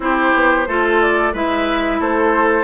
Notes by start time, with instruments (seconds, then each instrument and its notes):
0.00 bassoon C4, clarinet E4, oboe G4, flute C5
0.34 bassoon B3
0.67 bassoon A3, clarinet F4, oboe A4
1.01 flute D5
1.33 bassoon G#3, clarinet E4, oboe B4, flute E5
2.00 bassoon A3, oboe A4, flute C5